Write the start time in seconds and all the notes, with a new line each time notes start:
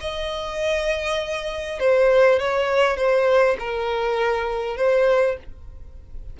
0.00 D#5
1.79 C5
2.39 C#5
2.96 C5
3.59 A#4
4.76 C5